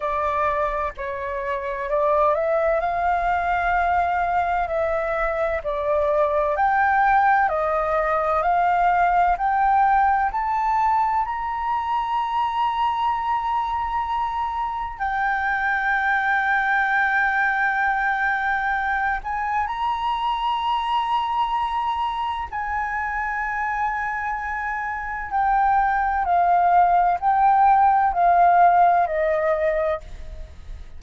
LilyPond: \new Staff \with { instrumentName = "flute" } { \time 4/4 \tempo 4 = 64 d''4 cis''4 d''8 e''8 f''4~ | f''4 e''4 d''4 g''4 | dis''4 f''4 g''4 a''4 | ais''1 |
g''1~ | g''8 gis''8 ais''2. | gis''2. g''4 | f''4 g''4 f''4 dis''4 | }